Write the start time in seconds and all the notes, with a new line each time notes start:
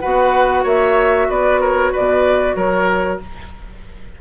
0.00 B3 F#4 B4 F#5
0.63 A#3 C#5 E5
1.29 B3 B4 D5
1.61 A#4 C#5
1.92 B2 B4 D5
2.56 F#3 A#4 C#5